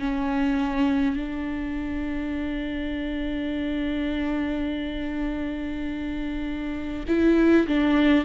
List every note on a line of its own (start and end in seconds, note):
0.00 1.16 C#4
1.16 7.04 D4
7.08 7.67 E4
7.67 8.25 D4